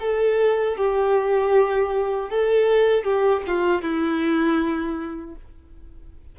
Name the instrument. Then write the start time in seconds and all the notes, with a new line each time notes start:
violin
0.00 A4
0.77 G4
2.30 A4
3.04 G4
3.47 F4
3.82 E4